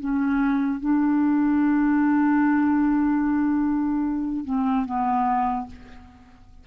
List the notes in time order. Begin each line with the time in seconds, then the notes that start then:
0.00 C#4
0.80 D4
4.45 C4
4.85 B3